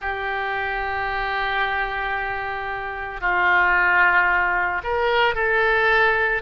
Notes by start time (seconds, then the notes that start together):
0.01 G4
3.20 F4
4.83 A#4
5.34 A4